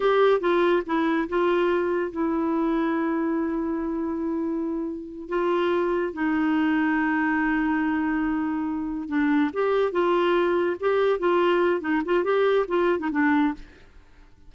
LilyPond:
\new Staff \with { instrumentName = "clarinet" } { \time 4/4 \tempo 4 = 142 g'4 f'4 e'4 f'4~ | f'4 e'2.~ | e'1~ | e'8 f'2 dis'4.~ |
dis'1~ | dis'4. d'4 g'4 f'8~ | f'4. g'4 f'4. | dis'8 f'8 g'4 f'8. dis'16 d'4 | }